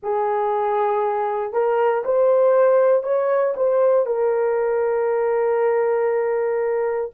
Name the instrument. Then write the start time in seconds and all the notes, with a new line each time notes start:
horn
0.02 G#4
1.53 A#4
2.04 C5
3.03 C#5
3.56 C5
4.06 A#4